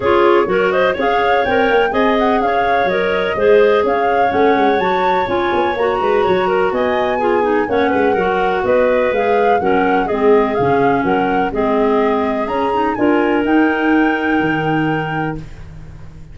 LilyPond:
<<
  \new Staff \with { instrumentName = "flute" } { \time 4/4 \tempo 4 = 125 cis''4. dis''8 f''4 g''4 | gis''8 fis''8 f''4 dis''2 | f''4 fis''4 a''4 gis''4 | ais''2 gis''2 |
fis''2 dis''4 f''4 | fis''4 dis''4 f''4 fis''4 | dis''2 ais''4 gis''4 | g''1 | }
  \new Staff \with { instrumentName = "clarinet" } { \time 4/4 gis'4 ais'8 c''8 cis''2 | dis''4 cis''2 c''4 | cis''1~ | cis''8 b'8 cis''8 ais'8 dis''4 gis'4 |
cis''8 b'8 ais'4 b'2 | ais'4 gis'2 ais'4 | gis'2. ais'4~ | ais'1 | }
  \new Staff \with { instrumentName = "clarinet" } { \time 4/4 f'4 fis'4 gis'4 ais'4 | gis'2 ais'4 gis'4~ | gis'4 cis'4 fis'4 f'4 | fis'2. f'8 dis'8 |
cis'4 fis'2 gis'4 | cis'4 c'4 cis'2 | c'2 cis'8 dis'8 f'4 | dis'1 | }
  \new Staff \with { instrumentName = "tuba" } { \time 4/4 cis'4 fis4 cis'4 c'8 ais8 | c'4 cis'4 fis4 gis4 | cis'4 a8 gis8 fis4 cis'8 b8 | ais8 gis8 fis4 b2 |
ais8 gis8 fis4 b4 gis4 | fis4 gis4 cis4 fis4 | gis2 cis'4 d'4 | dis'2 dis2 | }
>>